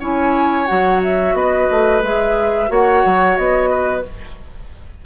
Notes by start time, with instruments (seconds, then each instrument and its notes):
0.00 bassoon C#4, clarinet E4, oboe C#5, flute G#5
0.66 bassoon F#3, clarinet F#4, flute F#5
1.03 flute E5
1.33 bassoon B3, oboe B4, flute D#5
1.71 bassoon A3
2.02 bassoon G#3, clarinet G#4, flute E5
2.68 bassoon A#3, clarinet F#4, oboe C#5, flute F#5
3.05 bassoon F#3
3.37 bassoon B3, flute D#5
3.70 oboe B4